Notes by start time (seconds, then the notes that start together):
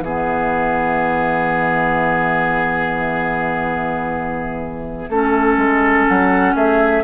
0.00 E3 B3 G#4 E5
5.09 A3 C#4 A4
5.57 G#3
6.07 F#3 F#5
6.55 A3 G#4 E5